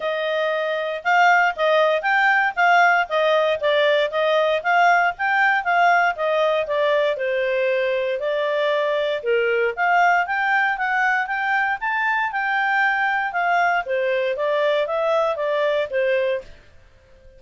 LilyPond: \new Staff \with { instrumentName = "clarinet" } { \time 4/4 \tempo 4 = 117 dis''2 f''4 dis''4 | g''4 f''4 dis''4 d''4 | dis''4 f''4 g''4 f''4 | dis''4 d''4 c''2 |
d''2 ais'4 f''4 | g''4 fis''4 g''4 a''4 | g''2 f''4 c''4 | d''4 e''4 d''4 c''4 | }